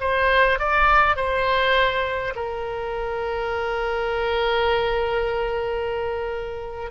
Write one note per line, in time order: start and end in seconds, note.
0.00 0.59 C5
0.59 1.16 D5
1.16 2.34 C5
2.35 6.91 A#4